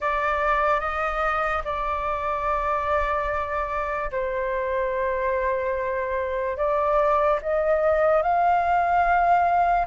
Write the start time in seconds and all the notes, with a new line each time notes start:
0.00 D5
0.80 D#5
1.64 D5
4.11 C5
6.57 D5
7.42 D#5
8.22 F5